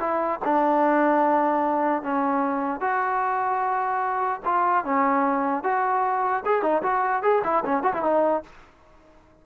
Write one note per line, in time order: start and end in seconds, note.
0.00 0.40 E4
0.45 2.03 D4
2.03 2.81 C#4
2.81 4.41 F#4
4.45 4.85 F4
4.85 5.63 C#4
5.63 6.43 F#4
6.45 6.62 G#4
6.62 6.82 D#4
6.83 7.23 F#4
7.23 7.43 G#4
7.44 7.64 E4
7.65 7.83 C#4
7.83 7.93 F#4
7.94 8.03 E4
8.03 8.43 D#4